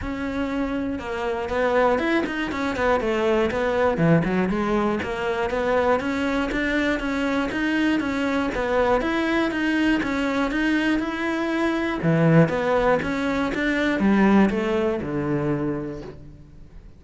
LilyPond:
\new Staff \with { instrumentName = "cello" } { \time 4/4 \tempo 4 = 120 cis'2 ais4 b4 | e'8 dis'8 cis'8 b8 a4 b4 | e8 fis8 gis4 ais4 b4 | cis'4 d'4 cis'4 dis'4 |
cis'4 b4 e'4 dis'4 | cis'4 dis'4 e'2 | e4 b4 cis'4 d'4 | g4 a4 d2 | }